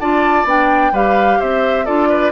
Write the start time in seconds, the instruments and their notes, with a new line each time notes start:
0.00 bassoon D4, clarinet F4, oboe D5, flute A5
0.45 bassoon B3, clarinet D4, flute G5
0.92 bassoon G3, clarinet G4, oboe B4, flute F5
1.40 bassoon C4, oboe C5, flute E5
1.86 bassoon D4, clarinet F4, oboe A4, flute D5
2.09 oboe B4